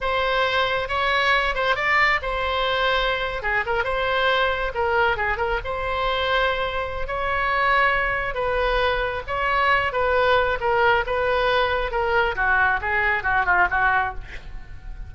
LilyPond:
\new Staff \with { instrumentName = "oboe" } { \time 4/4 \tempo 4 = 136 c''2 cis''4. c''8 | d''4 c''2~ c''8. gis'16~ | gis'16 ais'8 c''2 ais'4 gis'16~ | gis'16 ais'8 c''2.~ c''16 |
cis''2. b'4~ | b'4 cis''4. b'4. | ais'4 b'2 ais'4 | fis'4 gis'4 fis'8 f'8 fis'4 | }